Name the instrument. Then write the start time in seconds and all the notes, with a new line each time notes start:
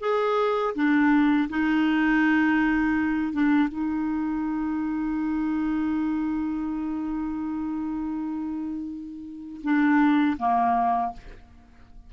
clarinet
0.00 G#4
0.75 D4
1.49 D#4
3.33 D4
3.68 D#4
9.63 D4
10.39 A#3